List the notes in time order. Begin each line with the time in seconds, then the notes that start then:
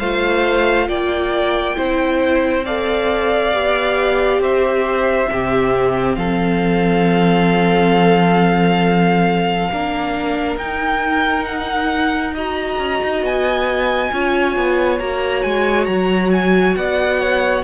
0.00 A3 F4 C5 F5
0.88 A#3 D5 G5
1.76 C4 E4 C5
2.66 A4 D5 F5
3.53 B3 G4
4.39 C4 C5 E5
5.27 C3 C4 G4
6.15 F3 A4 F5
9.71 A#3 D4 A#4
10.56 D#4 G5
11.45 F#5
12.35 F#4 D#5 A#5
12.79 C#4
13.04 D#4
13.23 B3 G#5
14.12 C#4 F4 C#5
14.57 B3
15.00 A#3 F#4 A#5
15.43 G#3 G#5
15.85 F#3 A#5
16.32 G#5
16.76 B3 D5 F#5
17.21 C#5